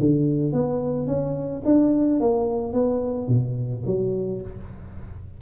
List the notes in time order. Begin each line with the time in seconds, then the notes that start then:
0.00 D3
0.53 B3
1.07 C#4
1.65 D4
2.20 A#3
2.73 B3
3.28 B2
3.86 F#3